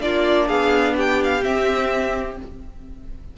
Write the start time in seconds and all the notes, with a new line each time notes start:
0.00 A#3 D4 F4 D5
0.47 B3 G#4 F5
0.96 G4 G5
1.23 F5
1.43 C4 E5